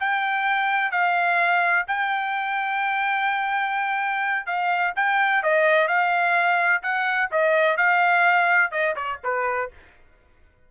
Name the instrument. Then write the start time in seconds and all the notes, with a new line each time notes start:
trumpet
0.00 G5
0.91 F5
1.88 G5
4.46 F5
4.96 G5
5.43 D#5
5.88 F5
6.83 F#5
7.32 D#5
7.77 F5
8.72 D#5
8.96 C#5
9.24 B4